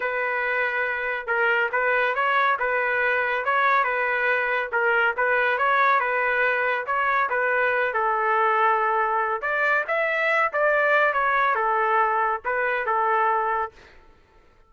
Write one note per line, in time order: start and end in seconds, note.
0.00 1.26 B4
1.26 1.69 A#4
1.71 2.14 B4
2.14 2.57 C#5
2.59 3.44 B4
3.44 3.84 C#5
3.84 4.69 B4
4.72 5.15 A#4
5.16 5.57 B4
5.57 6.00 C#5
6.00 6.85 B4
6.86 7.29 C#5
7.29 7.93 B4
7.93 9.41 A4
9.41 9.84 D5
9.87 10.52 E5
10.52 11.13 D5
11.13 11.55 C#5
11.55 12.41 A4
12.45 12.86 B4
12.86 13.71 A4